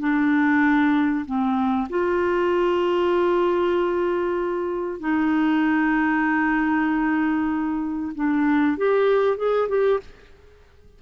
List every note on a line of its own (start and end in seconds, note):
0.00 1.25 D4
1.26 1.88 C4
1.90 5.00 F4
5.00 8.13 D#4
8.15 8.78 D4
8.78 9.38 G4
9.38 9.69 G#4
9.69 10.00 G4